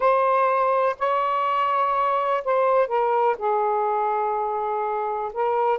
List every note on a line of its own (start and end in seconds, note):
0.00 0.96 C5
0.98 2.43 C#5
2.44 2.87 C5
2.87 3.36 A#4
3.38 5.32 G#4
5.33 5.78 A#4